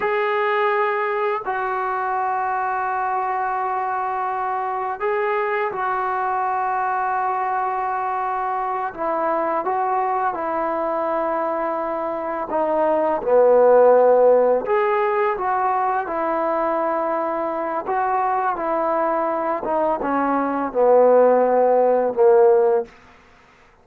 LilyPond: \new Staff \with { instrumentName = "trombone" } { \time 4/4 \tempo 4 = 84 gis'2 fis'2~ | fis'2. gis'4 | fis'1~ | fis'8 e'4 fis'4 e'4.~ |
e'4. dis'4 b4.~ | b8 gis'4 fis'4 e'4.~ | e'4 fis'4 e'4. dis'8 | cis'4 b2 ais4 | }